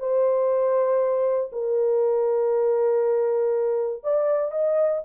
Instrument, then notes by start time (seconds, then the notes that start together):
horn
0.00 C5
1.53 A#4
4.04 D5
4.52 D#5